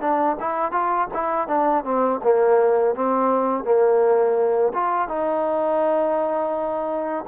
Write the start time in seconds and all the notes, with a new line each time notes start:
0.00 D4
0.39 E4
0.71 F4
1.13 E4
1.48 D4
1.84 C4
2.23 A#3
2.94 C4
3.64 A#3
4.73 F4
5.08 D#4